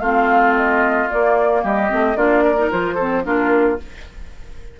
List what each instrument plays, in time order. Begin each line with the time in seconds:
0.00 bassoon A3, clarinet C4, oboe F4, flute F5
0.55 flute D#5
1.09 clarinet A#3, bassoon A#3, flute D5
1.63 bassoon G3, oboe G4, flute D#5
1.88 bassoon A3, clarinet C4
2.16 bassoon A#3, clarinet D4, oboe F4, flute D5
2.44 oboe A#4
2.57 clarinet D#4
2.71 bassoon F3, clarinet F4, flute C5
2.95 clarinet C4, oboe A4
3.24 bassoon A#3, clarinet D4, oboe F4, flute A#4